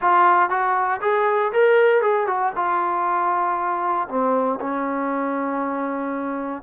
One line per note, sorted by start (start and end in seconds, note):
0.01 0.49 F4
0.49 1.00 F#4
1.01 1.52 G#4
1.52 2.01 A#4
2.01 2.27 G#4
2.27 2.52 F#4
2.55 4.08 F4
4.08 4.59 C4
4.60 6.62 C#4